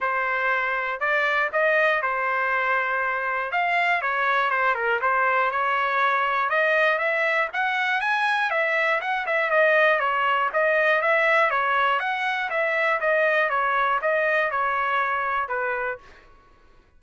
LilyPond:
\new Staff \with { instrumentName = "trumpet" } { \time 4/4 \tempo 4 = 120 c''2 d''4 dis''4 | c''2. f''4 | cis''4 c''8 ais'8 c''4 cis''4~ | cis''4 dis''4 e''4 fis''4 |
gis''4 e''4 fis''8 e''8 dis''4 | cis''4 dis''4 e''4 cis''4 | fis''4 e''4 dis''4 cis''4 | dis''4 cis''2 b'4 | }